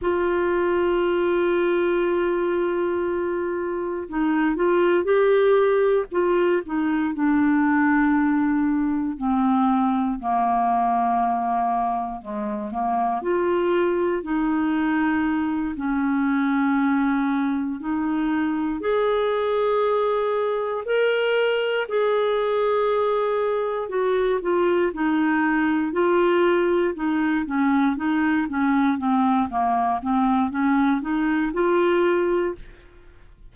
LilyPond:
\new Staff \with { instrumentName = "clarinet" } { \time 4/4 \tempo 4 = 59 f'1 | dis'8 f'8 g'4 f'8 dis'8 d'4~ | d'4 c'4 ais2 | gis8 ais8 f'4 dis'4. cis'8~ |
cis'4. dis'4 gis'4.~ | gis'8 ais'4 gis'2 fis'8 | f'8 dis'4 f'4 dis'8 cis'8 dis'8 | cis'8 c'8 ais8 c'8 cis'8 dis'8 f'4 | }